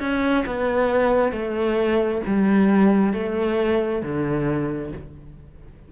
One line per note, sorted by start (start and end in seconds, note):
0.00 0.45 C#4
0.46 1.32 B3
1.32 2.22 A3
2.27 3.13 G3
3.13 4.03 A3
4.03 4.93 D3